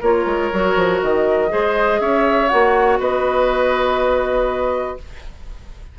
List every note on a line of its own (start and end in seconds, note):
0.00 0.25 A#3
0.00 0.53 F4
0.00 1.49 A#4
0.00 1.02 C#5
0.25 0.50 G#3
0.53 0.76 F#3
0.53 1.48 F#4
0.76 1.00 F3
1.02 1.52 D#3
1.02 2.01 D#5
1.48 2.00 G#3
1.48 2.48 G#4
1.48 2.00 C5
2.00 2.50 C#4
2.00 2.99 C#5
2.00 2.48 E5
2.48 2.99 A#3
2.48 4.97 F#4
2.48 2.98 F#5
2.99 4.97 B3
2.99 4.98 B4
2.99 4.99 D#5